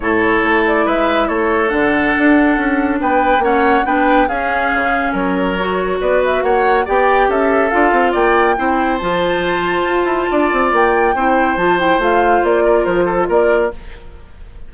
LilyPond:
<<
  \new Staff \with { instrumentName = "flute" } { \time 4/4 \tempo 4 = 140 cis''4. d''8 e''4 cis''4 | fis''2. g''4 | fis''4 g''4 f''2 | cis''2 d''8 e''8 fis''4 |
g''4 e''4 f''4 g''4~ | g''4 a''2.~ | a''4 g''2 a''8 g''8 | f''4 d''4 c''4 d''4 | }
  \new Staff \with { instrumentName = "oboe" } { \time 4/4 a'2 b'4 a'4~ | a'2. b'4 | cis''4 b'4 gis'2 | ais'2 b'4 cis''4 |
d''4 a'2 d''4 | c''1 | d''2 c''2~ | c''4. ais'4 a'8 ais'4 | }
  \new Staff \with { instrumentName = "clarinet" } { \time 4/4 e'1 | d'1 | cis'4 d'4 cis'2~ | cis'4 fis'2. |
g'2 f'2 | e'4 f'2.~ | f'2 e'4 f'8 e'8 | f'1 | }
  \new Staff \with { instrumentName = "bassoon" } { \time 4/4 a,4 a4 gis4 a4 | d4 d'4 cis'4 b4 | ais4 b4 cis'4 cis4 | fis2 b4 ais4 |
b4 cis'4 d'8 c'8 ais4 | c'4 f2 f'8 e'8 | d'8 c'8 ais4 c'4 f4 | a4 ais4 f4 ais4 | }
>>